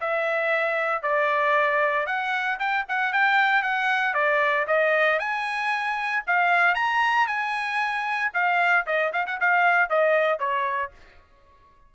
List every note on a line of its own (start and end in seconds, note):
0.00 1.02 E5
1.02 2.06 D5
2.06 2.58 F#5
2.59 2.85 G5
2.88 3.13 F#5
3.13 3.62 G5
3.62 4.14 F#5
4.14 4.66 D5
4.67 5.19 D#5
5.19 6.23 G#5
6.27 6.75 F5
6.75 7.27 A#5
7.27 8.31 G#5
8.34 8.86 F5
8.86 9.12 D#5
9.13 9.26 F5
9.26 9.39 F#5
9.40 9.89 F5
9.89 10.39 D#5
10.39 10.91 C#5